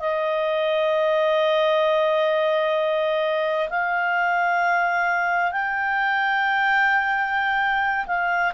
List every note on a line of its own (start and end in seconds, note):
0.00 3.69 D#5
3.69 5.52 F5
5.52 8.06 G5
8.06 8.53 F5